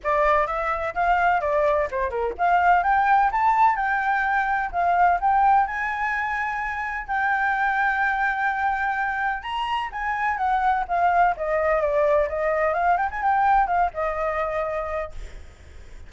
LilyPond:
\new Staff \with { instrumentName = "flute" } { \time 4/4 \tempo 4 = 127 d''4 e''4 f''4 d''4 | c''8 ais'8 f''4 g''4 a''4 | g''2 f''4 g''4 | gis''2. g''4~ |
g''1 | ais''4 gis''4 fis''4 f''4 | dis''4 d''4 dis''4 f''8 g''16 gis''16 | g''4 f''8 dis''2~ dis''8 | }